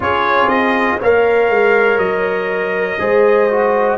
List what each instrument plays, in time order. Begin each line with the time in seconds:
0.00 tuba C#4, trombone F4, horn G#4, trumpet C#5
0.47 tuba C4, trumpet D#5
0.99 tuba A#3, trombone A#4, horn C#5, trumpet F5
1.49 tuba G#3
1.97 tuba F#3, trumpet D#5
2.99 tuba G#3, trombone G#4, horn C5
3.50 trombone F#4